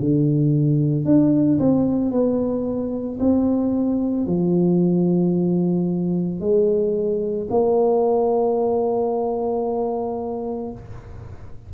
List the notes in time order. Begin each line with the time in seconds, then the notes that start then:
0.00 D3
1.06 D4
1.59 C4
2.12 B3
3.20 C4
4.27 F3
6.41 G#3
7.51 A#3